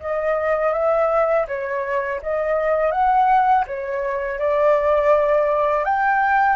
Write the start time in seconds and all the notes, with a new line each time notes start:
0.00 D#5
0.73 E5
1.48 C#5
2.22 D#5
2.92 F#5
3.68 C#5
4.39 D5
5.85 G5